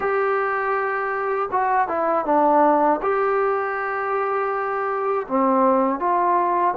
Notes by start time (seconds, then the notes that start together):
0.00 G4
1.51 F#4
1.88 E4
2.25 D4
3.01 G4
5.28 C4
5.99 F4